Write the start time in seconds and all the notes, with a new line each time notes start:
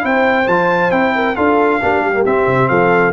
0.00 C4 E4 C5 G5
0.47 F3 F4 A5
0.90 C4 E4 G5
1.15 A#4
1.35 D4 F4 A4 F5
1.82 A#3 D4 G4
2.00 G3
2.14 A#3
2.25 C4 E5
2.46 C3
2.68 F3 A4 F5